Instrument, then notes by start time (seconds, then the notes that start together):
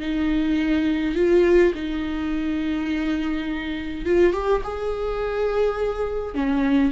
viola
0.00 D#4
1.15 F4
1.74 D#4
4.05 F4
4.33 G4
4.63 G#4
6.34 C#4